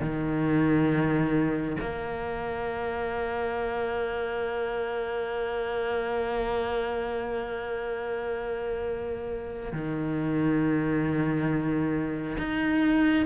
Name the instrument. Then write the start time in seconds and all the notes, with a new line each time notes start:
cello
0.00 D#3
1.80 A#3
9.72 D#3
12.38 D#4